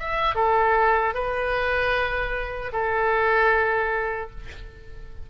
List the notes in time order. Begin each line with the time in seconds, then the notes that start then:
0.00 E5
0.36 A4
1.14 B4
2.73 A4